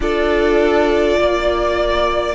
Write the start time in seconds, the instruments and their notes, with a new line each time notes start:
0.00 cello D4, viola F4, violin A4 D5
1.19 cello A#3, violin D5